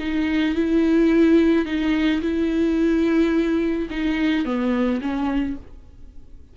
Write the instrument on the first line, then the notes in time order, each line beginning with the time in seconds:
viola
0.00 D#4
0.55 E4
1.66 D#4
2.22 E4
3.91 D#4
4.45 B3
5.02 C#4